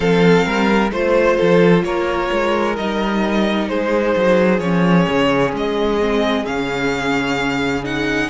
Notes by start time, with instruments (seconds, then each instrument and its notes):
0.00 cello F3, viola C4, violin A4 F5
0.45 cello G3, violin A#4
0.91 cello A3, viola F4, violin C5
1.37 cello F3, violin A4
1.83 cello A#3, violin A#4 C#5
2.32 cello G#3
2.76 cello G3, viola D#4, violin D#5
3.68 cello G#3, violin G#4 C5
4.16 cello F#3
4.59 cello F3, viola C#4, violin C#5
5.08 cello C#3
5.52 cello G#3, violin D#5
6.00 viola C4
6.45 cello C#3, viola C#4, violin F5
7.83 viola D#4, violin F#5